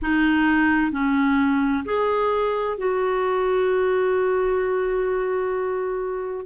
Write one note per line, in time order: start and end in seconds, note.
0.02 0.91 D#4
0.91 1.83 C#4
1.85 2.77 G#4
2.77 6.46 F#4